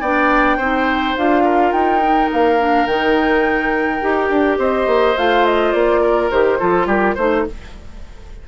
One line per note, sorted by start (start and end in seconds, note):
0.00 0.58 B3
0.00 0.60 D4
0.00 0.57 D5
0.00 1.16 G5
0.57 1.15 C4
0.57 1.17 D#4
0.57 1.42 C5
1.16 1.72 D4
1.16 2.02 F4
1.16 1.72 F5
1.43 4.58 A#4
1.72 2.29 D#4
1.72 2.29 G5
2.02 2.58 D#4
2.32 2.86 A#3
2.32 2.86 F5
2.58 2.87 D4
2.86 4.00 D#3
2.86 4.01 D#4
2.86 4.58 G5
4.01 4.29 D#4
4.01 5.15 G4
4.29 4.58 D4
4.58 4.86 C4
4.58 6.01 C5
4.58 5.17 D#5
4.86 5.15 A#3
5.17 5.73 A3
5.17 6.31 F4
5.17 5.45 F5
5.45 5.72 D#5
5.72 6.30 A#3
5.72 6.29 D5
6.01 6.58 A#4
6.30 6.60 D#3
6.30 6.58 G4
6.30 6.87 C5
6.58 6.86 F3
6.58 7.15 F4
6.58 6.86 A4
6.86 7.14 G3
6.86 7.14 G4
6.86 7.17 A#4
7.14 7.46 A3
7.14 7.46 D#4
7.14 7.43 C5
7.14 7.47 C5